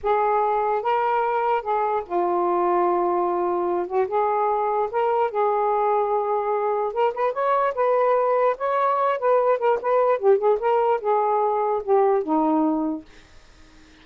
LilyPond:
\new Staff \with { instrumentName = "saxophone" } { \time 4/4 \tempo 4 = 147 gis'2 ais'2 | gis'4 f'2.~ | f'4. fis'8 gis'2 | ais'4 gis'2.~ |
gis'4 ais'8 b'8 cis''4 b'4~ | b'4 cis''4. b'4 ais'8 | b'4 g'8 gis'8 ais'4 gis'4~ | gis'4 g'4 dis'2 | }